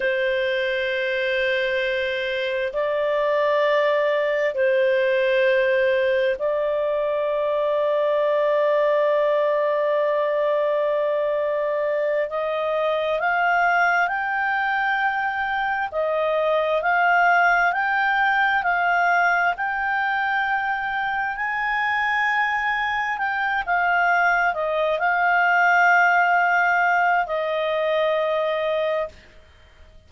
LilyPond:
\new Staff \with { instrumentName = "clarinet" } { \time 4/4 \tempo 4 = 66 c''2. d''4~ | d''4 c''2 d''4~ | d''1~ | d''4. dis''4 f''4 g''8~ |
g''4. dis''4 f''4 g''8~ | g''8 f''4 g''2 gis''8~ | gis''4. g''8 f''4 dis''8 f''8~ | f''2 dis''2 | }